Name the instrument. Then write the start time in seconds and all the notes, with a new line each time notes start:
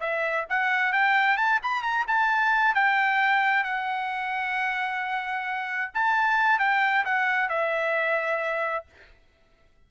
trumpet
0.00 E5
0.49 F#5
0.92 G5
1.37 A5
1.62 B5
1.82 A#5
2.07 A5
2.74 G5
3.64 F#5
5.94 A5
6.59 G5
7.05 F#5
7.49 E5